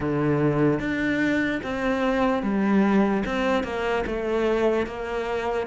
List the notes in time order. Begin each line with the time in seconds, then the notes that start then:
0.00 D3
0.79 D4
1.63 C4
2.42 G3
3.25 C4
3.63 A#3
4.06 A3
4.86 A#3